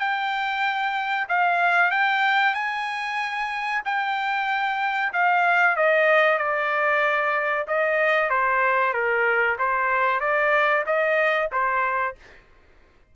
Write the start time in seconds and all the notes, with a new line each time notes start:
0.00 G5
1.29 F5
1.91 G5
2.54 G#5
3.85 G5
5.13 F5
5.76 D#5
6.38 D5
7.68 D#5
8.30 C5
8.94 A#4
9.59 C5
10.20 D5
10.87 D#5
11.52 C5